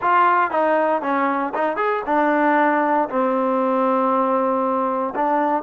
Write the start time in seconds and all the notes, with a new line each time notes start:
0.01 F4
0.50 D#4
1.02 C#4
1.54 D#4
1.76 G#4
2.06 D4
3.09 C4
5.15 D4